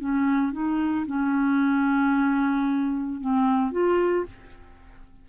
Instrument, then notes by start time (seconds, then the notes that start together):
clarinet
0.00 C#4
0.52 D#4
1.07 C#4
3.21 C4
3.72 F4